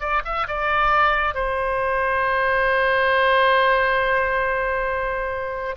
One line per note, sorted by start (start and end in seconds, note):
0.00 0.22 D5
0.25 0.47 E5
0.47 1.34 D5
1.34 5.76 C5